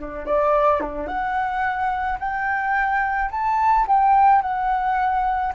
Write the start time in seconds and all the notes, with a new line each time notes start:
0.00 D4
0.26 D5
0.80 D4
1.08 F#5
2.19 G5
3.31 A5
3.88 G5
4.42 F#5